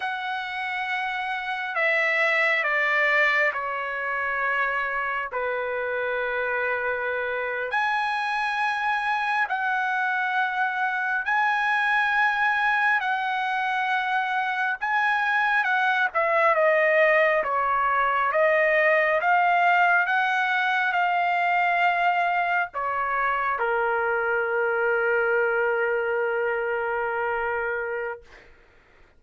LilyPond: \new Staff \with { instrumentName = "trumpet" } { \time 4/4 \tempo 4 = 68 fis''2 e''4 d''4 | cis''2 b'2~ | b'8. gis''2 fis''4~ fis''16~ | fis''8. gis''2 fis''4~ fis''16~ |
fis''8. gis''4 fis''8 e''8 dis''4 cis''16~ | cis''8. dis''4 f''4 fis''4 f''16~ | f''4.~ f''16 cis''4 ais'4~ ais'16~ | ais'1 | }